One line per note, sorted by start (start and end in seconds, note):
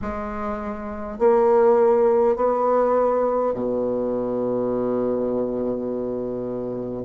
0.01 1.18 G#3
1.18 2.36 A#3
2.36 3.53 B3
3.53 7.05 B2